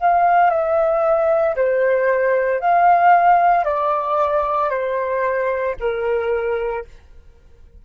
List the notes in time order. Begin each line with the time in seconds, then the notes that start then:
0.00 F5
0.50 E5
1.56 C5
2.60 F5
3.65 D5
4.70 C5
5.79 A#4